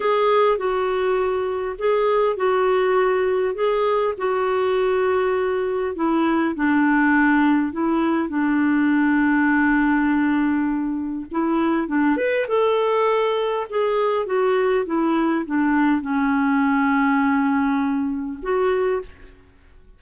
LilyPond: \new Staff \with { instrumentName = "clarinet" } { \time 4/4 \tempo 4 = 101 gis'4 fis'2 gis'4 | fis'2 gis'4 fis'4~ | fis'2 e'4 d'4~ | d'4 e'4 d'2~ |
d'2. e'4 | d'8 b'8 a'2 gis'4 | fis'4 e'4 d'4 cis'4~ | cis'2. fis'4 | }